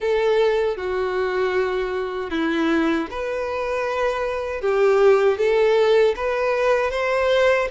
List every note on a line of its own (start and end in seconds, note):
0.00 0.76 A4
0.76 2.30 F#4
2.30 3.07 E4
3.10 4.61 B4
4.61 5.38 G4
5.38 6.15 A4
6.15 6.91 B4
6.91 7.67 C5